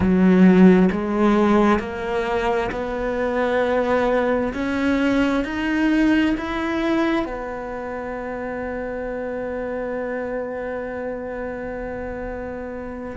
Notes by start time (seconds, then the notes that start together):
0.00 F#3
0.91 G#3
1.79 A#3
2.71 B3
4.53 C#4
5.44 D#4
6.37 E4
7.25 B3